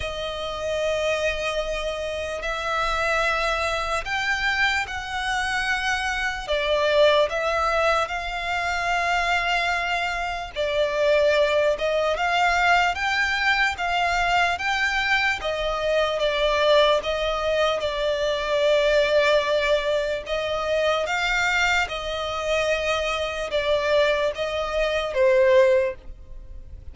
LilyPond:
\new Staff \with { instrumentName = "violin" } { \time 4/4 \tempo 4 = 74 dis''2. e''4~ | e''4 g''4 fis''2 | d''4 e''4 f''2~ | f''4 d''4. dis''8 f''4 |
g''4 f''4 g''4 dis''4 | d''4 dis''4 d''2~ | d''4 dis''4 f''4 dis''4~ | dis''4 d''4 dis''4 c''4 | }